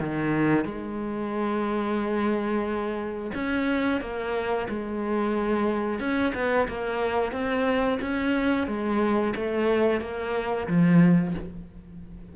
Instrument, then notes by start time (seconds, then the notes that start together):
cello
0.00 D#3
0.65 G#3
3.35 C#4
4.02 A#3
4.69 G#3
6.00 C#4
6.35 B3
6.68 A#3
7.33 C4
8.02 C#4
8.68 G#3
9.36 A3
10.01 A#3
10.68 F3